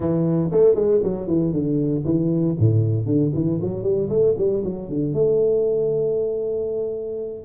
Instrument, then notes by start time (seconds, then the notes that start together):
tuba
0.00 E3
0.51 A3
0.75 G#3
1.03 F#3
1.27 E3
1.52 D3
2.05 E3
2.59 A2
3.06 D3
3.34 E3
3.61 F#3
3.83 G3
4.09 A3
4.37 G3
4.64 F#3
4.88 D3
5.13 A3